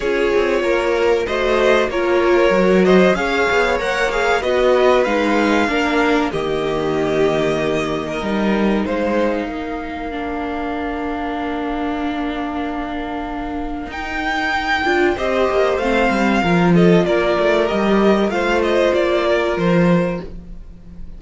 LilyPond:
<<
  \new Staff \with { instrumentName = "violin" } { \time 4/4 \tempo 4 = 95 cis''2 dis''4 cis''4~ | cis''8 dis''8 f''4 fis''8 f''8 dis''4 | f''2 dis''2~ | dis''2 f''2~ |
f''1~ | f''2 g''2 | dis''4 f''4. dis''8 d''4 | dis''4 f''8 dis''8 d''4 c''4 | }
  \new Staff \with { instrumentName = "violin" } { \time 4/4 gis'4 ais'4 c''4 ais'4~ | ais'8 c''8 cis''2 b'4~ | b'4 ais'4 g'2~ | g'8. ais'4~ ais'16 c''4 ais'4~ |
ais'1~ | ais'1 | c''2 ais'8 a'8 ais'4~ | ais'4 c''4. ais'4. | }
  \new Staff \with { instrumentName = "viola" } { \time 4/4 f'2 fis'4 f'4 | fis'4 gis'4 ais'8 gis'8 fis'4 | dis'4 d'4 ais2~ | ais4 dis'2. |
d'1~ | d'2 dis'4. f'8 | g'4 c'4 f'2 | g'4 f'2. | }
  \new Staff \with { instrumentName = "cello" } { \time 4/4 cis'8 c'8 ais4 a4 ais4 | fis4 cis'8 b8 ais4 b4 | gis4 ais4 dis2~ | dis4 g4 gis4 ais4~ |
ais1~ | ais2 dis'4. d'8 | c'8 ais8 a8 g8 f4 ais8 a8 | g4 a4 ais4 f4 | }
>>